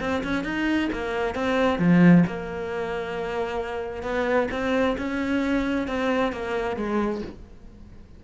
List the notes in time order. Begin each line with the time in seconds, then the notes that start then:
0.00 C4
0.23 C#4
0.44 D#4
0.92 A#3
1.35 C4
1.79 F3
2.27 A#3
4.03 B3
4.51 C4
4.98 C#4
5.87 C4
6.32 A#3
6.76 G#3